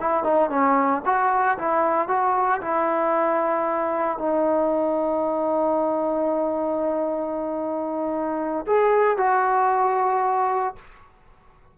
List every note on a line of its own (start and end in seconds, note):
0.00 0.24 E4
0.24 0.50 D#4
0.50 1.02 C#4
1.05 1.58 F#4
1.58 2.08 E4
2.08 2.61 F#4
2.61 4.18 E4
4.18 8.66 D#4
8.67 9.17 G#4
9.17 10.75 F#4